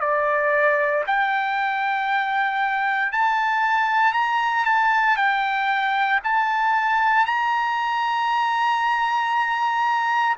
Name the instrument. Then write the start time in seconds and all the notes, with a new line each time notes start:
trumpet
0.00 D5
1.06 G5
3.12 A5
4.13 A#5
4.65 A5
5.16 G5
6.24 A5
7.26 A#5